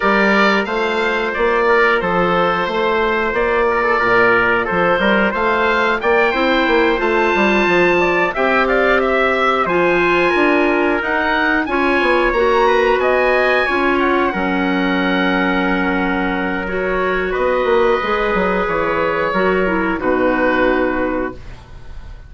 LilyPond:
<<
  \new Staff \with { instrumentName = "oboe" } { \time 4/4 \tempo 4 = 90 d''4 f''4 d''4 c''4~ | c''4 d''2 c''4 | f''4 g''4. a''4.~ | a''8 g''8 f''8 e''4 gis''4.~ |
gis''8 fis''4 gis''4 ais''4 gis''8~ | gis''4 fis''2.~ | fis''4 cis''4 dis''2 | cis''2 b'2 | }
  \new Staff \with { instrumentName = "trumpet" } { \time 4/4 ais'4 c''4. ais'8 a'4 | c''4. ais'16 a'16 ais'4 a'8 ais'8 | c''4 d''8 c''2~ c''8 | d''8 e''8 d''8 e''4 c''4 ais'8~ |
ais'4. cis''4. b'8 dis''8~ | dis''8 cis''4 ais'2~ ais'8~ | ais'2 b'2~ | b'4 ais'4 fis'2 | }
  \new Staff \with { instrumentName = "clarinet" } { \time 4/4 g'4 f'2.~ | f'1~ | f'4. e'4 f'4.~ | f'8 g'2 f'4.~ |
f'8 dis'4 f'4 fis'4.~ | fis'8 f'4 cis'2~ cis'8~ | cis'4 fis'2 gis'4~ | gis'4 fis'8 e'8 dis'2 | }
  \new Staff \with { instrumentName = "bassoon" } { \time 4/4 g4 a4 ais4 f4 | a4 ais4 ais,4 f8 g8 | a4 ais8 c'8 ais8 a8 g8 f8~ | f8 c'2 f4 d'8~ |
d'8 dis'4 cis'8 b8 ais4 b8~ | b8 cis'4 fis2~ fis8~ | fis2 b8 ais8 gis8 fis8 | e4 fis4 b,2 | }
>>